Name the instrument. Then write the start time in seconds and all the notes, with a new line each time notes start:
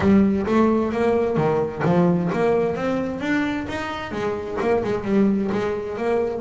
double bass
0.00 G3
0.46 A3
0.92 A#3
1.36 D#3
1.84 F3
2.32 A#3
2.75 C4
3.20 D4
3.68 D#4
4.11 G#3
4.60 A#3
4.84 G#3
5.04 G3
5.51 G#3
5.97 A#3